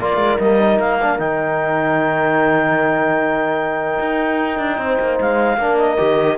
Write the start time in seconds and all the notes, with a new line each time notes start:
0.00 A#3 F4 A#4 D5
0.17 G#3
0.39 G3 A#3 D#5
0.60 D#4
0.79 A#3 F5
1.02 D4
1.19 D#3 D#4 G5
3.99 D#4
4.59 D4
4.78 C4 C5
5.00 A#3
5.21 G#3 F5
5.58 A#3 D4 A#4
5.78 D#5
5.98 D#3 G4